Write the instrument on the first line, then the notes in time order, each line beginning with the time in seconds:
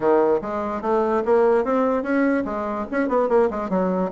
bassoon
0.00 D#3
0.41 G#3
0.81 A3
1.25 A#3
1.64 C4
2.02 C#4
2.44 G#3
2.91 C#4
3.08 B3
3.28 A#3
3.50 G#3
3.69 F#3